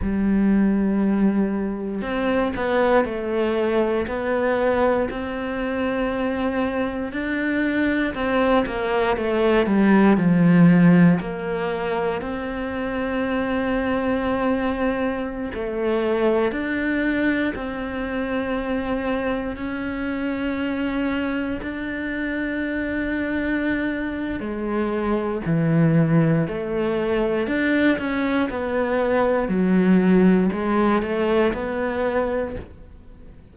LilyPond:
\new Staff \with { instrumentName = "cello" } { \time 4/4 \tempo 4 = 59 g2 c'8 b8 a4 | b4 c'2 d'4 | c'8 ais8 a8 g8 f4 ais4 | c'2.~ c'16 a8.~ |
a16 d'4 c'2 cis'8.~ | cis'4~ cis'16 d'2~ d'8. | gis4 e4 a4 d'8 cis'8 | b4 fis4 gis8 a8 b4 | }